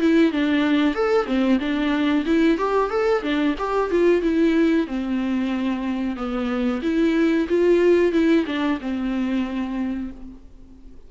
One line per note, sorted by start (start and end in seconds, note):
0.00 0.32 E4
0.32 0.95 D4
0.95 1.26 A4
1.26 1.59 C4
1.59 2.24 D4
2.25 2.58 E4
2.58 2.90 G4
2.90 3.22 A4
3.22 3.55 D4
3.58 3.90 G4
3.90 4.22 F4
4.22 4.87 E4
4.87 6.16 C4
6.16 6.81 B3
6.82 7.47 E4
7.49 8.12 F4
8.12 8.45 E4
8.46 8.79 D4
8.80 10.11 C4